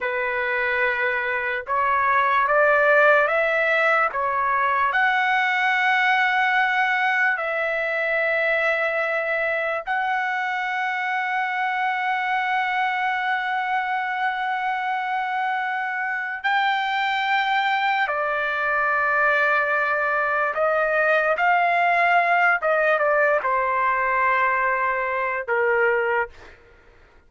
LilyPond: \new Staff \with { instrumentName = "trumpet" } { \time 4/4 \tempo 4 = 73 b'2 cis''4 d''4 | e''4 cis''4 fis''2~ | fis''4 e''2. | fis''1~ |
fis''1 | g''2 d''2~ | d''4 dis''4 f''4. dis''8 | d''8 c''2~ c''8 ais'4 | }